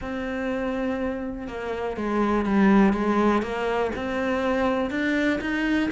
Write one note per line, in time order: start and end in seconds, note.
0.00 1.48 C4
1.48 1.96 A#3
1.96 2.45 G#3
2.45 2.92 G3
2.92 3.42 G#3
3.42 3.91 A#3
3.95 4.90 C4
4.90 5.39 D4
5.41 5.90 D#4